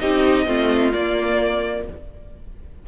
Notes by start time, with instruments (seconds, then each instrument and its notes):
0.00 cello C4, viola D#4, violin G4 D#5
0.46 cello A3, viola C4, violin F4
0.93 viola A#3, cello A#3, violin D5